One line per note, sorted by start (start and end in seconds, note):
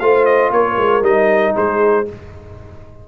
0.00 0.51 A3
0.00 1.03 F4
0.00 0.53 C5
0.00 0.25 F5
0.25 0.51 D#5
0.51 0.77 A#3
0.51 1.56 A#4
0.51 1.04 C#5
0.78 1.02 G#3
1.02 1.53 G3
1.02 2.05 D#4
1.02 1.55 D#5
1.56 2.08 G#3
1.56 2.07 G#4
1.56 2.08 C5